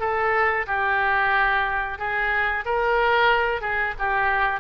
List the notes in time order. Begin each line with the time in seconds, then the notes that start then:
0.00 A4
0.67 G4
1.99 G#4
2.66 A#4
3.61 G#4
3.99 G4